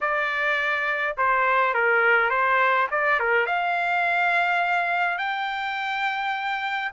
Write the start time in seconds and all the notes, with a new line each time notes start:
0.01 D5
1.17 C5
1.74 A#4
2.29 C5
2.90 D5
3.19 A#4
3.46 F5
5.18 G5